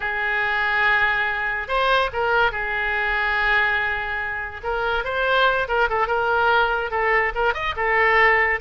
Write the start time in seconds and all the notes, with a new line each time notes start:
0.00 G#4
1.68 C5
2.12 A#4
2.51 G#4
4.63 A#4
5.04 C5
5.68 A#4
5.89 A4
6.07 A#4
6.90 A4
7.34 A#4
7.54 D#5
7.76 A4